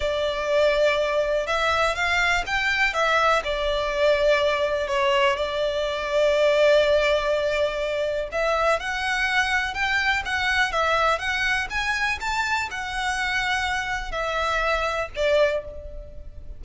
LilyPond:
\new Staff \with { instrumentName = "violin" } { \time 4/4 \tempo 4 = 123 d''2. e''4 | f''4 g''4 e''4 d''4~ | d''2 cis''4 d''4~ | d''1~ |
d''4 e''4 fis''2 | g''4 fis''4 e''4 fis''4 | gis''4 a''4 fis''2~ | fis''4 e''2 d''4 | }